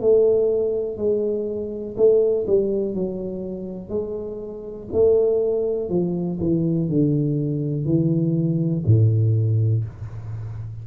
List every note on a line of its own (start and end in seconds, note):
0.00 0.97 A3
0.97 1.95 G#3
1.97 2.46 A3
2.46 2.94 G3
2.94 3.89 F#3
3.89 4.87 G#3
4.92 5.89 A3
5.89 6.38 F3
6.39 6.89 E3
6.89 7.85 D3
7.85 8.83 E3
8.86 9.84 A2